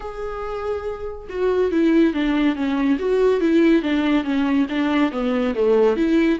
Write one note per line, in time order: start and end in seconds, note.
0.00 1.27 G#4
1.29 1.71 F#4
1.71 2.13 E4
2.13 2.55 D4
2.55 2.98 C#4
2.98 3.40 F#4
3.40 3.82 E4
3.82 4.23 D4
4.23 4.66 C#4
4.69 5.11 D4
5.11 5.54 B3
5.54 5.96 A3
5.96 6.39 E4